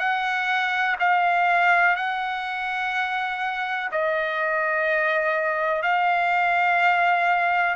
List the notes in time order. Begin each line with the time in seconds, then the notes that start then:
0.00 F#5
1.00 F5
1.97 F#5
3.92 D#5
5.83 F5